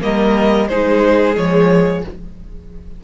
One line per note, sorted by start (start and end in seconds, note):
0.00 0.69 G3
0.00 0.67 A#3
0.00 0.69 A#4
0.00 0.68 D#5
0.68 1.36 G#3
0.68 1.34 D#4
0.68 2.04 G#4
0.68 1.35 C5
1.34 2.04 F3
1.34 2.01 G#3
1.34 2.04 C#5